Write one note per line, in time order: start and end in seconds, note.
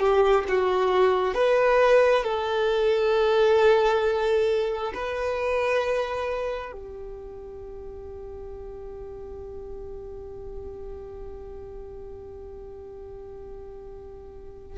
0.00 0.45 G4
0.49 1.35 F#4
1.35 2.24 B4
2.24 4.93 A4
4.95 6.73 B4
6.73 14.79 G4